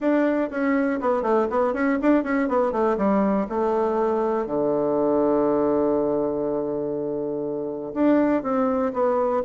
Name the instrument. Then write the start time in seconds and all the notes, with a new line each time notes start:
bassoon
0.00 D4
0.50 C#4
1.00 B3
1.22 A3
1.50 B3
1.73 C#4
2.01 D4
2.23 C#4
2.48 B3
2.72 A3
2.97 G3
3.49 A3
4.46 D3
7.94 D4
8.43 C4
8.93 B3